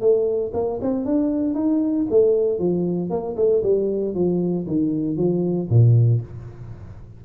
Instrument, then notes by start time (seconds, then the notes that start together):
tuba
0.00 A3
0.53 A#3
0.81 C4
1.05 D4
1.54 D#4
2.10 A3
2.59 F3
3.10 A#3
3.36 A3
3.63 G3
4.14 F3
4.67 D#3
5.17 F3
5.69 A#2